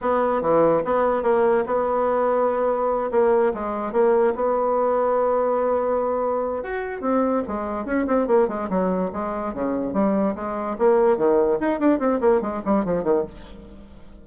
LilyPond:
\new Staff \with { instrumentName = "bassoon" } { \time 4/4 \tempo 4 = 145 b4 e4 b4 ais4 | b2.~ b8 ais8~ | ais8 gis4 ais4 b4.~ | b1 |
fis'4 c'4 gis4 cis'8 c'8 | ais8 gis8 fis4 gis4 cis4 | g4 gis4 ais4 dis4 | dis'8 d'8 c'8 ais8 gis8 g8 f8 dis8 | }